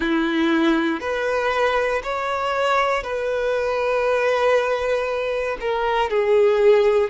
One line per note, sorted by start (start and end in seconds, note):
0.00 1.00 E4
1.00 2.02 B4
2.03 3.03 C#5
3.03 5.57 B4
5.60 6.10 A#4
6.10 7.10 G#4